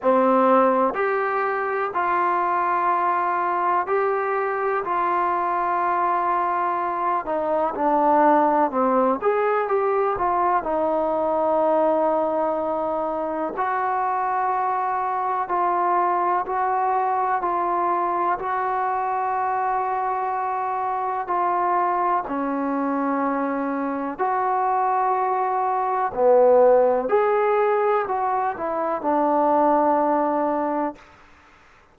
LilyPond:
\new Staff \with { instrumentName = "trombone" } { \time 4/4 \tempo 4 = 62 c'4 g'4 f'2 | g'4 f'2~ f'8 dis'8 | d'4 c'8 gis'8 g'8 f'8 dis'4~ | dis'2 fis'2 |
f'4 fis'4 f'4 fis'4~ | fis'2 f'4 cis'4~ | cis'4 fis'2 b4 | gis'4 fis'8 e'8 d'2 | }